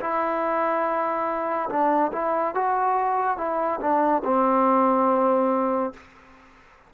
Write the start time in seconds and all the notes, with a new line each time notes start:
0.00 E4
1.69 D4
2.12 E4
2.54 F#4
3.38 E4
3.80 D4
4.24 C4